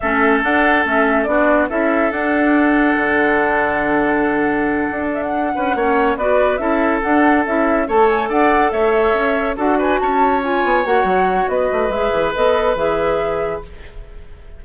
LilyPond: <<
  \new Staff \with { instrumentName = "flute" } { \time 4/4 \tempo 4 = 141 e''4 fis''4 e''4 d''4 | e''4 fis''2.~ | fis''1 | e''16 fis''2~ fis''16 d''4 e''8~ |
e''8 fis''4 e''4 a''8 gis''8 fis''8~ | fis''8 e''2 fis''8 gis''8 a''8~ | a''8 gis''4 fis''4. dis''4 | e''4 dis''4 e''2 | }
  \new Staff \with { instrumentName = "oboe" } { \time 4/4 a'2. fis'4 | a'1~ | a'1~ | a'4 b'8 cis''4 b'4 a'8~ |
a'2~ a'8 cis''4 d''8~ | d''8 cis''2 a'8 b'8 cis''8~ | cis''2. b'4~ | b'1 | }
  \new Staff \with { instrumentName = "clarinet" } { \time 4/4 cis'4 d'4 cis'4 d'4 | e'4 d'2.~ | d'1~ | d'4. cis'4 fis'4 e'8~ |
e'8 d'4 e'4 a'4.~ | a'2~ a'8 fis'4.~ | fis'8 f'4 fis'2~ fis'8 | gis'4 a'4 gis'2 | }
  \new Staff \with { instrumentName = "bassoon" } { \time 4/4 a4 d'4 a4 b4 | cis'4 d'2 d4~ | d2.~ d8 d'8~ | d'4 cis'8 ais4 b4 cis'8~ |
cis'8 d'4 cis'4 a4 d'8~ | d'8 a4 cis'4 d'4 cis'8~ | cis'4 b8 ais8 fis4 b8 a8 | gis8 e8 b4 e2 | }
>>